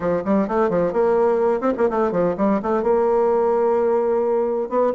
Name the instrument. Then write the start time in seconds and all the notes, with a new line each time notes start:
bassoon
0.00 F3
0.24 G3
0.47 A3
0.69 F3
0.92 A#3
1.61 C4
1.77 A#3
1.90 A3
2.11 F3
2.37 G3
2.62 A3
2.82 A#3
4.69 B3